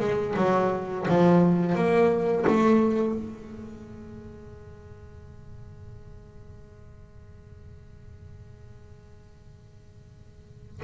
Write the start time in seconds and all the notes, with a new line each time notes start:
0.00 G#3
0.37 F#3
1.09 F3
1.76 A#3
2.48 A3
3.15 G#3